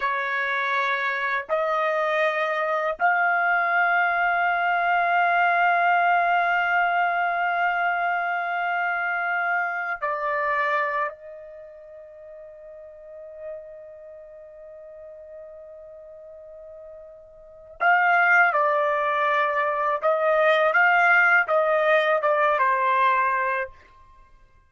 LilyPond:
\new Staff \with { instrumentName = "trumpet" } { \time 4/4 \tempo 4 = 81 cis''2 dis''2 | f''1~ | f''1~ | f''4. d''4. dis''4~ |
dis''1~ | dis''1 | f''4 d''2 dis''4 | f''4 dis''4 d''8 c''4. | }